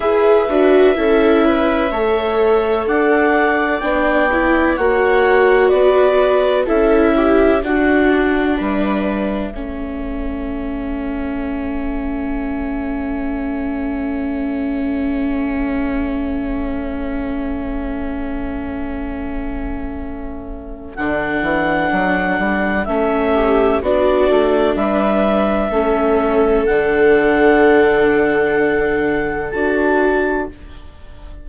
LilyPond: <<
  \new Staff \with { instrumentName = "clarinet" } { \time 4/4 \tempo 4 = 63 e''2. fis''4 | g''4 fis''4 d''4 e''4 | fis''4 e''2.~ | e''1~ |
e''1~ | e''2 fis''2 | e''4 d''4 e''2 | fis''2. a''4 | }
  \new Staff \with { instrumentName = "viola" } { \time 4/4 b'4 a'8 b'8 cis''4 d''4~ | d''4 cis''4 b'4 a'8 g'8 | fis'4 b'4 a'2~ | a'1~ |
a'1~ | a'1~ | a'8 g'8 fis'4 b'4 a'4~ | a'1 | }
  \new Staff \with { instrumentName = "viola" } { \time 4/4 gis'8 fis'8 e'4 a'2 | d'8 e'8 fis'2 e'4 | d'2 cis'2~ | cis'1~ |
cis'1~ | cis'2 d'2 | cis'4 d'2 cis'4 | d'2. fis'4 | }
  \new Staff \with { instrumentName = "bassoon" } { \time 4/4 e'8 d'8 cis'4 a4 d'4 | b4 ais4 b4 cis'4 | d'4 g4 a2~ | a1~ |
a1~ | a2 d8 e8 fis8 g8 | a4 b8 a8 g4 a4 | d2. d'4 | }
>>